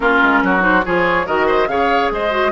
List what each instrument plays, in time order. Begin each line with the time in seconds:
0.00 bassoon A#3, clarinet C#4, oboe F4, flute A#4
0.22 bassoon G#3
0.42 bassoon F#3, oboe F#4
0.59 clarinet D#4, flute C5
0.85 bassoon F3, clarinet F4, oboe G#4, flute C#5
1.26 bassoon D#3, clarinet F#4, oboe A#4, flute D#5
1.46 oboe C5
1.67 bassoon C#3, clarinet G#4, oboe C#5, flute F5
2.11 bassoon G#3, oboe C5, flute D#5
2.30 clarinet F#4